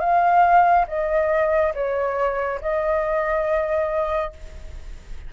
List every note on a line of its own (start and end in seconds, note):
0.00 0.86 F5
0.88 1.73 D#5
1.74 2.60 C#5
2.61 4.33 D#5